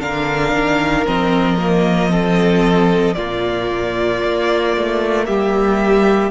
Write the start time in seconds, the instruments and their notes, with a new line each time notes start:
0.00 cello D3, viola D4, violin A#4 F5
0.54 cello D#3
1.05 cello F3, viola C4, violin D#5
1.57 viola A#3
2.10 viola C4, violin A4
3.14 cello A#2, viola A#3, violin F4 D5
4.23 cello A#3
4.76 cello A3
5.25 cello G3, violin G4 E5